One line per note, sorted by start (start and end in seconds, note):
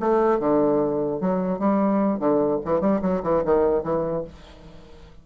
0.00 0.40 A3
0.40 1.21 D3
1.21 1.59 F#3
1.59 2.20 G3
2.20 2.60 D3
2.65 2.81 E3
2.81 3.01 G3
3.02 3.23 F#3
3.23 3.44 E3
3.46 3.84 D#3
3.84 4.24 E3